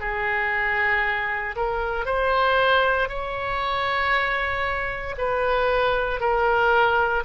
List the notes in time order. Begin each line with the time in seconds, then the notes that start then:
0.00 G#4
1.56 A#4
2.05 C5
3.08 C#5
5.18 B4
6.20 A#4